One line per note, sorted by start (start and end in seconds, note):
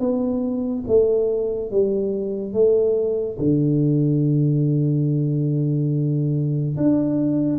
0.00 0.85 B3
0.88 1.71 A3
1.71 2.54 G3
2.54 3.38 A3
3.39 6.77 D3
6.78 7.60 D4